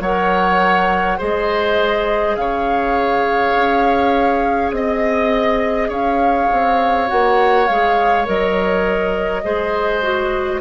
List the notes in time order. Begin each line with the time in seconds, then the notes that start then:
0.00 F#3 A#4 C#5 F#5
1.18 G#3 G#4 C5 D#5
2.36 C#3 C#5 F5
3.55 C#4
4.72 C4 D#5
5.89 C#4 C#5 F5
6.52 C4
7.08 A#3 F#4 F#5
7.68 G#3 G#4 F5
8.25 F#3 A#4 D#5
9.44 G#3 G#4 C5
10.02 F#4